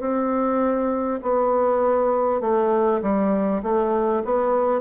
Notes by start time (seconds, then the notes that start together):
0.00 C4
1.22 B3
2.41 A3
3.02 G3
3.63 A3
4.24 B3